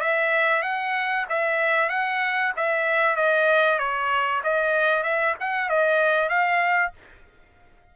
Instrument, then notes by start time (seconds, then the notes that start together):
trumpet
0.00 E5
0.62 F#5
1.29 E5
1.89 F#5
2.56 E5
3.16 D#5
3.78 C#5
4.43 D#5
5.03 E5
5.39 F#5
5.69 D#5
6.29 F5